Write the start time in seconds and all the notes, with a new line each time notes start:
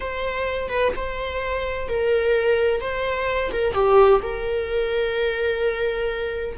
0.00 C5
0.69 B4
0.95 C5
1.88 A#4
2.80 C5
3.51 A#4
3.73 G4
4.22 A#4